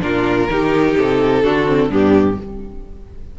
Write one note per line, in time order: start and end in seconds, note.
0.00 0.48 A#2
0.00 0.47 D4
0.00 0.50 F4
0.00 0.97 A#4
0.50 0.97 D#3
0.50 1.43 D#4
0.50 1.43 G4
0.97 1.44 C3
0.97 1.92 A4
1.43 1.90 D3
1.43 1.67 D4
1.43 1.88 F#4
1.67 1.90 C4
1.88 2.37 G2
1.88 2.38 B3
1.88 2.36 D4
1.88 2.39 G4